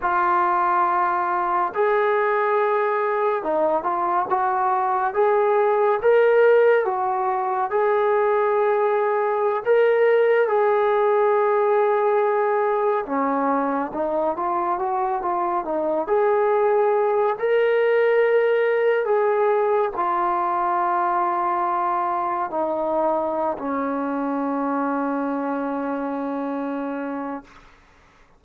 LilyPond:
\new Staff \with { instrumentName = "trombone" } { \time 4/4 \tempo 4 = 70 f'2 gis'2 | dis'8 f'8 fis'4 gis'4 ais'4 | fis'4 gis'2~ gis'16 ais'8.~ | ais'16 gis'2. cis'8.~ |
cis'16 dis'8 f'8 fis'8 f'8 dis'8 gis'4~ gis'16~ | gis'16 ais'2 gis'4 f'8.~ | f'2~ f'16 dis'4~ dis'16 cis'8~ | cis'1 | }